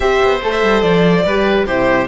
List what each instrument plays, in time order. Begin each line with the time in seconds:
0.00 cello C4, horn G4, oboe C5, violin E5
0.22 cello B3
0.42 cello A3, horn A4, violin A4
0.51 violin E5
0.63 cello G3
0.81 cello F3, violin D5
1.25 cello G3, horn G4, oboe B4
1.66 cello C3, horn E4, oboe G4, violin C5